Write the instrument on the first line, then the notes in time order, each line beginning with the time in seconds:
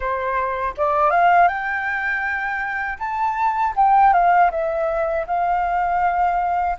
flute
0.00 C5
0.77 D5
1.10 F5
1.48 G5
2.99 A5
3.76 G5
4.12 F5
4.50 E5
5.26 F5